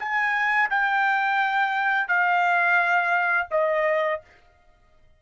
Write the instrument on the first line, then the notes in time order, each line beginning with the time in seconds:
trumpet
0.00 G#5
0.70 G5
2.08 F5
3.51 D#5